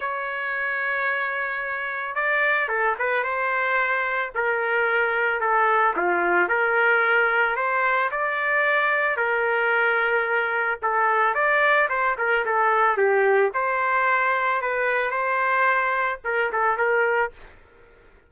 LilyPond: \new Staff \with { instrumentName = "trumpet" } { \time 4/4 \tempo 4 = 111 cis''1 | d''4 a'8 b'8 c''2 | ais'2 a'4 f'4 | ais'2 c''4 d''4~ |
d''4 ais'2. | a'4 d''4 c''8 ais'8 a'4 | g'4 c''2 b'4 | c''2 ais'8 a'8 ais'4 | }